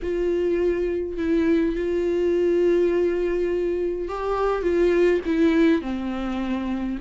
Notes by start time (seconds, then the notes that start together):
0.02 F4
1.17 E4
1.75 F4
4.08 G4
4.62 F4
5.25 E4
5.81 C4